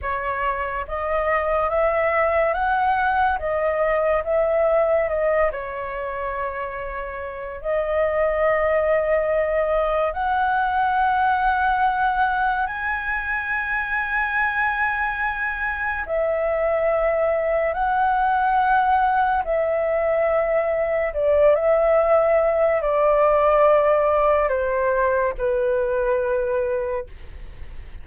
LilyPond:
\new Staff \with { instrumentName = "flute" } { \time 4/4 \tempo 4 = 71 cis''4 dis''4 e''4 fis''4 | dis''4 e''4 dis''8 cis''4.~ | cis''4 dis''2. | fis''2. gis''4~ |
gis''2. e''4~ | e''4 fis''2 e''4~ | e''4 d''8 e''4. d''4~ | d''4 c''4 b'2 | }